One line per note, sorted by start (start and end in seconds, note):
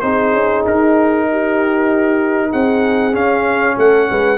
0.00 0.33 C4
0.00 3.13 D#4
0.00 1.28 G#4
0.00 0.62 C5
0.33 0.64 C#4
0.65 2.53 D#4
0.65 2.52 A#4
1.31 2.50 G4
2.50 3.14 C4
2.50 3.75 G#4
2.50 3.15 F#5
3.13 4.38 C#4
3.13 3.76 C#4
3.13 3.78 F5
3.76 4.09 A3
3.76 4.08 A4
3.76 4.38 F#5
4.10 4.38 G#3
4.10 4.38 B4